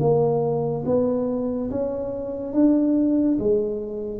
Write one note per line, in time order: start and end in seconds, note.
0.00 0.85 A#3
0.86 1.70 B3
1.71 2.54 C#4
2.54 3.38 D4
3.39 4.20 G#3